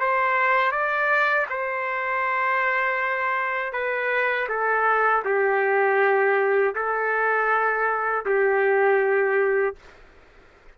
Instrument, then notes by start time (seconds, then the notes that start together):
trumpet
0.00 C5
0.72 D5
1.50 C5
3.73 B4
4.49 A4
5.25 G4
6.76 A4
8.26 G4